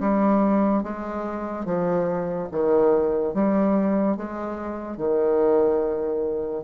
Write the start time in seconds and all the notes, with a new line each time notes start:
0.00 G3
0.83 G#3
1.65 F3
2.52 D#3
3.34 G3
4.17 G#3
4.97 D#3